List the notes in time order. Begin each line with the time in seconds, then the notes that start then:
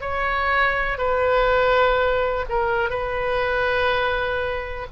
0.00 C#5
0.97 B4
2.49 A#4
2.90 B4